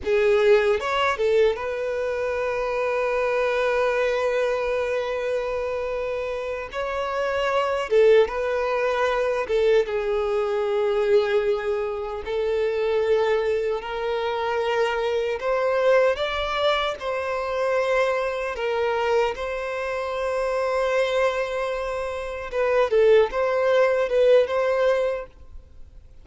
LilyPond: \new Staff \with { instrumentName = "violin" } { \time 4/4 \tempo 4 = 76 gis'4 cis''8 a'8 b'2~ | b'1~ | b'8 cis''4. a'8 b'4. | a'8 gis'2. a'8~ |
a'4. ais'2 c''8~ | c''8 d''4 c''2 ais'8~ | ais'8 c''2.~ c''8~ | c''8 b'8 a'8 c''4 b'8 c''4 | }